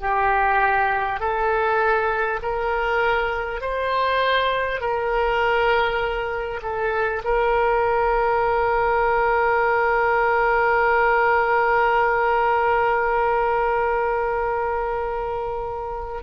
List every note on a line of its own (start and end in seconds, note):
0.00 1.20 G4
1.20 2.40 A4
2.43 3.61 A#4
3.61 4.81 C5
4.81 6.61 A#4
6.62 7.22 A4
7.24 16.23 A#4